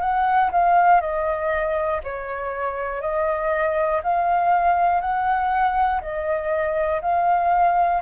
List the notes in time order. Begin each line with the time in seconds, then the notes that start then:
0.00 F#5
0.51 F5
1.00 D#5
2.03 C#5
3.01 D#5
4.03 F5
5.00 F#5
6.01 D#5
7.01 F5